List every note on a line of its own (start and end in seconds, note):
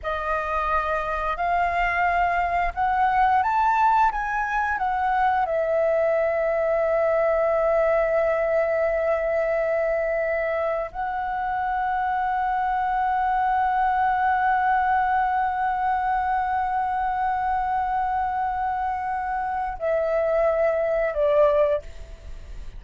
0.02 1.36 D#5
1.36 2.73 F5
2.74 3.42 F#5
3.42 4.11 A5
4.11 4.77 G#5
4.77 5.45 F#5
5.45 10.91 E5
10.91 19.77 F#5
19.78 21.14 E5
21.14 21.82 D5